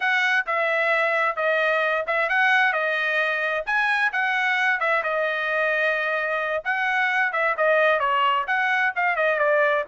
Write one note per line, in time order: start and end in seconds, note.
0.00 0.45 F#5
0.46 1.36 E5
1.36 2.04 D#5
2.06 2.29 E5
2.29 2.73 F#5
2.73 3.64 D#5
3.66 4.11 G#5
4.12 4.80 F#5
4.80 5.03 E5
5.03 6.63 D#5
6.64 7.32 F#5
7.32 7.55 E5
7.57 7.99 D#5
7.99 8.45 C#5
8.47 8.93 F#5
8.95 9.16 F5
9.16 9.38 D#5
9.38 9.84 D5